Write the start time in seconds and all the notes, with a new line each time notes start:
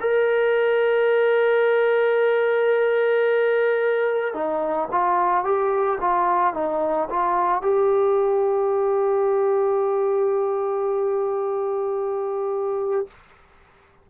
0.00 A#4
4.34 D#4
4.91 F4
5.44 G4
6.00 F4
6.54 D#4
7.10 F4
7.62 G4